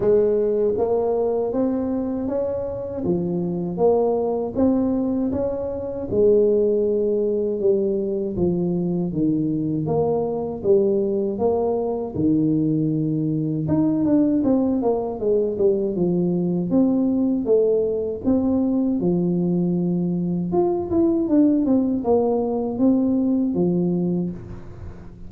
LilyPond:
\new Staff \with { instrumentName = "tuba" } { \time 4/4 \tempo 4 = 79 gis4 ais4 c'4 cis'4 | f4 ais4 c'4 cis'4 | gis2 g4 f4 | dis4 ais4 g4 ais4 |
dis2 dis'8 d'8 c'8 ais8 | gis8 g8 f4 c'4 a4 | c'4 f2 f'8 e'8 | d'8 c'8 ais4 c'4 f4 | }